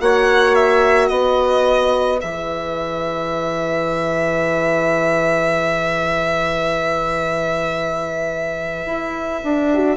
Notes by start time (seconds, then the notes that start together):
0.00 A#3 F#4 C#5 F#5
0.55 E5
1.08 B3 B4 D#5
2.20 E3 G#4 E5
8.86 E4
9.43 D4
9.73 F#4